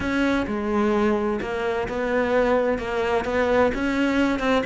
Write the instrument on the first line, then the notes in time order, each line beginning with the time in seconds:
cello
0.00 C#4
0.47 G#3
1.41 A#3
1.88 B3
2.78 A#3
3.25 B3
3.74 C#4
4.39 C4